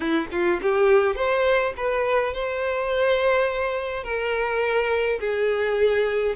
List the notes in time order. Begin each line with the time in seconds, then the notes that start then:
0.00 E4
0.31 F4
0.61 G4
1.15 C5
1.76 B4
2.33 C5
4.03 A#4
5.19 G#4